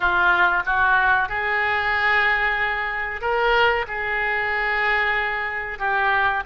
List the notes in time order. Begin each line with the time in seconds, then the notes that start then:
0.00 F4
0.65 F#4
1.28 G#4
3.21 A#4
3.87 G#4
5.78 G4